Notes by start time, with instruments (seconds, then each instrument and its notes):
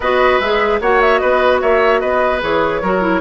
0.00 bassoon B3, clarinet F#4, oboe B4, flute D#5
0.40 bassoon G#3, clarinet G#4, flute E5
0.80 bassoon A#3, clarinet F#4, oboe C#5, flute F#5
1.01 flute E5
1.18 bassoon B3, oboe B4, flute D#5
1.61 bassoon A#3, oboe C#5, flute E5
2.00 bassoon B3, oboe B4, flute D#5
2.41 bassoon E3, clarinet G#4, flute C#5
2.81 bassoon F#3, clarinet F#4, oboe A#4
3.01 clarinet E4